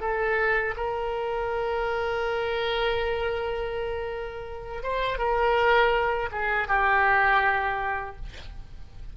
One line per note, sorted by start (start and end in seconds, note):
0.00 0.74 A4
0.76 4.83 A#4
4.83 5.18 C5
5.18 6.29 A#4
6.31 6.67 G#4
6.67 8.15 G4